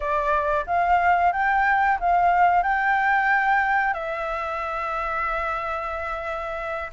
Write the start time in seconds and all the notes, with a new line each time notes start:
0.00 D5
0.66 F5
1.32 G5
2.00 F5
2.62 G5
3.93 E5